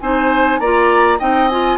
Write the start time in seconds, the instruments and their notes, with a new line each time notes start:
0.00 bassoon C4, clarinet D#4, oboe C5, flute G#5
0.59 bassoon A#3, clarinet F4, oboe D5, flute A#5
1.19 bassoon C4, clarinet D#4, oboe D#5, flute G5
1.48 clarinet F4, flute G#5